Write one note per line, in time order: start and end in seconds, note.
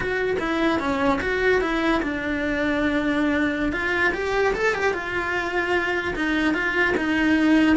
0.00 0.36 F#4
0.39 0.79 E4
0.79 1.20 C#4
1.21 1.61 F#4
1.61 2.01 E4
2.02 3.72 D4
3.72 4.12 F4
4.13 4.53 G4
4.54 4.74 A4
4.74 4.93 G4
4.93 6.14 F4
6.15 6.54 D#4
6.54 6.94 F4
6.97 7.76 D#4